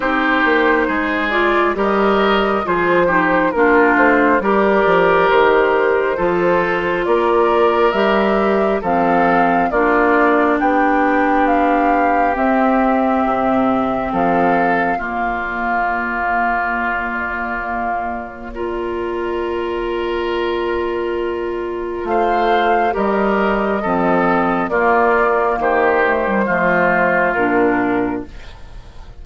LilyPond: <<
  \new Staff \with { instrumentName = "flute" } { \time 4/4 \tempo 4 = 68 c''4. d''8 dis''4 c''4 | ais'8 c''8 d''4 c''2 | d''4 e''4 f''4 d''4 | g''4 f''4 e''2 |
f''4 d''2.~ | d''1~ | d''4 f''4 dis''2 | d''4 c''2 ais'4 | }
  \new Staff \with { instrumentName = "oboe" } { \time 4/4 g'4 gis'4 ais'4 gis'8 g'8 | f'4 ais'2 a'4 | ais'2 a'4 f'4 | g'1 |
a'4 f'2.~ | f'4 ais'2.~ | ais'4 c''4 ais'4 a'4 | f'4 g'4 f'2 | }
  \new Staff \with { instrumentName = "clarinet" } { \time 4/4 dis'4. f'8 g'4 f'8 dis'8 | d'4 g'2 f'4~ | f'4 g'4 c'4 d'4~ | d'2 c'2~ |
c'4 ais2.~ | ais4 f'2.~ | f'2 g'4 c'4 | ais4. a16 g16 a4 d'4 | }
  \new Staff \with { instrumentName = "bassoon" } { \time 4/4 c'8 ais8 gis4 g4 f4 | ais8 a8 g8 f8 dis4 f4 | ais4 g4 f4 ais4 | b2 c'4 c4 |
f4 ais2.~ | ais1~ | ais4 a4 g4 f4 | ais4 dis4 f4 ais,4 | }
>>